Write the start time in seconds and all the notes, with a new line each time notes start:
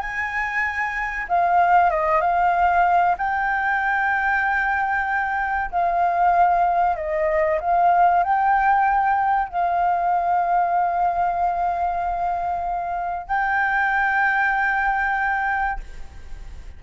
0.00 G#5
1.28 F5
1.90 D#5
2.21 F5
3.18 G5
5.71 F5
6.96 D#5
7.60 F5
8.23 G5
9.49 F5
13.27 G5